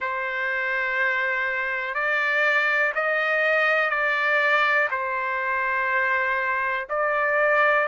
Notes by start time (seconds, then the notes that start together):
0.00 C5
1.94 D5
2.95 D#5
3.89 D5
4.90 C5
6.89 D5